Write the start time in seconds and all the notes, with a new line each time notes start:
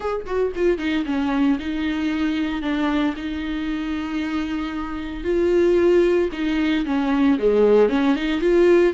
0.00 G#4
0.26 F#4
0.55 F4
0.78 D#4
1.05 C#4
1.59 D#4
2.61 D4
3.16 D#4
5.24 F4
6.32 D#4
6.85 C#4
7.39 G#3
7.89 C#4
8.15 D#4
8.40 F4